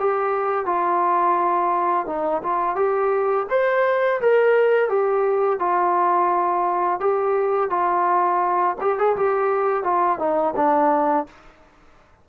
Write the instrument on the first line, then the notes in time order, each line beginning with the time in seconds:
trombone
0.00 G4
0.66 F4
2.07 D#4
2.43 F4
2.76 G4
3.50 C5
4.21 A#4
4.89 G4
5.59 F4
7.00 G4
7.70 F4
8.81 G4
8.99 G#4
9.17 G4
9.84 F4
10.19 D#4
10.56 D4